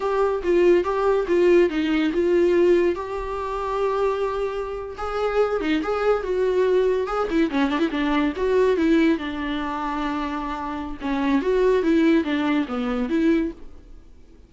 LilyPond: \new Staff \with { instrumentName = "viola" } { \time 4/4 \tempo 4 = 142 g'4 f'4 g'4 f'4 | dis'4 f'2 g'4~ | g'2.~ g'8. gis'16~ | gis'4~ gis'16 dis'8 gis'4 fis'4~ fis'16~ |
fis'8. gis'8 e'8 cis'8 d'16 e'16 d'4 fis'16~ | fis'8. e'4 d'2~ d'16~ | d'2 cis'4 fis'4 | e'4 d'4 b4 e'4 | }